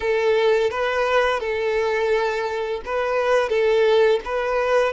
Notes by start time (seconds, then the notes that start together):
0.00 A4
0.70 B4
1.40 A4
2.85 B4
3.49 A4
4.24 B4